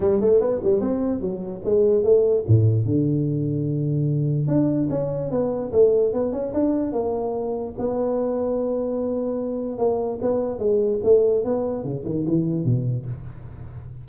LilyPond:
\new Staff \with { instrumentName = "tuba" } { \time 4/4 \tempo 4 = 147 g8 a8 b8 g8 c'4 fis4 | gis4 a4 a,4 d4~ | d2. d'4 | cis'4 b4 a4 b8 cis'8 |
d'4 ais2 b4~ | b1 | ais4 b4 gis4 a4 | b4 cis8 dis8 e4 b,4 | }